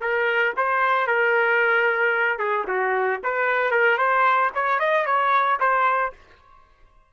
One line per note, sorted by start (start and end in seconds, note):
0.00 0.53 A#4
0.56 1.07 C5
1.07 2.38 A#4
2.38 2.65 G#4
2.67 3.20 F#4
3.23 3.71 B4
3.71 3.98 A#4
3.98 4.51 C5
4.54 4.79 C#5
4.79 5.06 D#5
5.06 5.59 C#5
5.59 6.13 C5